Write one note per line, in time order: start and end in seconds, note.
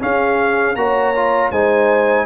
0.00 0.75 C#4
0.00 0.76 C#4
0.00 0.78 G#4
0.00 0.76 F5
0.76 1.51 A#3
0.76 1.15 F#4
0.76 1.51 C#5
0.76 1.51 A#5
1.16 1.53 F4
1.51 2.26 G#3
1.51 2.26 D#4
1.51 2.26 C5
1.51 2.26 G#5